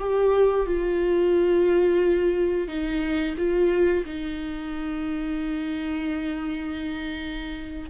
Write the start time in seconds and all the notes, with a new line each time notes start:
0.00 G4
0.67 F4
2.68 D#4
3.38 F4
4.06 D#4